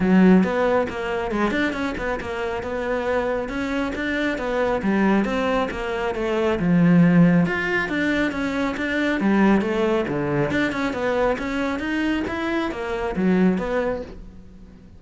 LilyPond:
\new Staff \with { instrumentName = "cello" } { \time 4/4 \tempo 4 = 137 fis4 b4 ais4 gis8 d'8 | cis'8 b8 ais4 b2 | cis'4 d'4 b4 g4 | c'4 ais4 a4 f4~ |
f4 f'4 d'4 cis'4 | d'4 g4 a4 d4 | d'8 cis'8 b4 cis'4 dis'4 | e'4 ais4 fis4 b4 | }